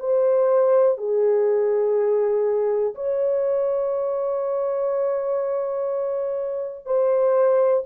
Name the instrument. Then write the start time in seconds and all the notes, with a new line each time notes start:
horn
0.00 C5
0.97 G#4
2.95 C#5
6.85 C5